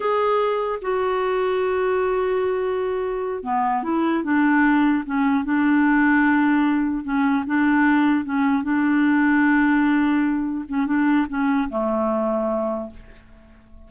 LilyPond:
\new Staff \with { instrumentName = "clarinet" } { \time 4/4 \tempo 4 = 149 gis'2 fis'2~ | fis'1~ | fis'8 b4 e'4 d'4.~ | d'8 cis'4 d'2~ d'8~ |
d'4. cis'4 d'4.~ | d'8 cis'4 d'2~ d'8~ | d'2~ d'8 cis'8 d'4 | cis'4 a2. | }